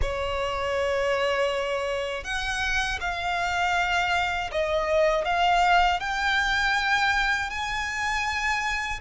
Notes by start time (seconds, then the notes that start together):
0.01 C#5
2.24 F#5
3.00 F5
4.51 D#5
5.25 F5
6.00 G5
7.50 G#5